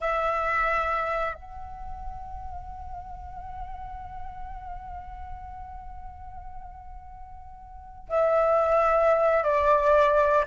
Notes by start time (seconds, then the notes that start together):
0.00 E5
1.34 F#5
8.09 E5
9.43 D5